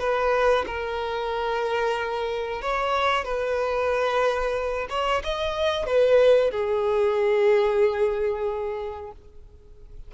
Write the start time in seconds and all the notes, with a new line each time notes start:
0.00 B4
0.67 A#4
2.62 C#5
3.25 B4
4.90 C#5
5.24 D#5
5.86 B4
6.51 G#4